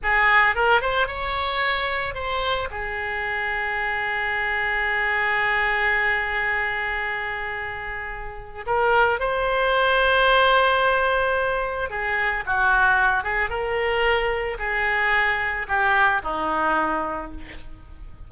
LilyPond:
\new Staff \with { instrumentName = "oboe" } { \time 4/4 \tempo 4 = 111 gis'4 ais'8 c''8 cis''2 | c''4 gis'2.~ | gis'1~ | gis'1 |
ais'4 c''2.~ | c''2 gis'4 fis'4~ | fis'8 gis'8 ais'2 gis'4~ | gis'4 g'4 dis'2 | }